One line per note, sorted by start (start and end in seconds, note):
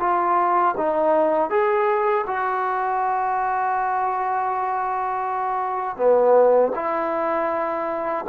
0.00 0.75 F4
0.77 1.50 D#4
1.50 2.25 G#4
2.27 5.97 F#4
5.97 6.72 B3
6.76 8.26 E4